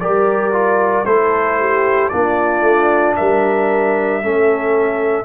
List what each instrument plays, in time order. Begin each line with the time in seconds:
0.00 tuba G3, trombone G4, horn A#4, trumpet D5
0.52 trombone F4
1.05 tuba A3, trombone E4, horn A4, trumpet C5
1.60 horn G4
2.09 tuba A#3, trombone D4, horn F4, trumpet D5
2.61 tuba A3
3.16 tuba G3, horn A#4, trumpet E5
4.23 tuba A3, trombone C#4, horn A4